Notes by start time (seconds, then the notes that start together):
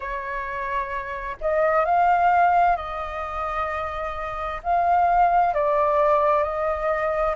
0.00 C#5
1.41 D#5
1.85 F5
2.76 D#5
4.63 F5
5.54 D5
6.43 D#5